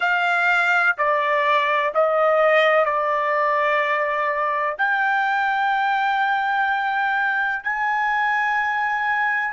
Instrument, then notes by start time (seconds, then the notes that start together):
trumpet
0.00 F5
0.97 D5
1.94 D#5
2.85 D5
4.77 G5
7.63 G#5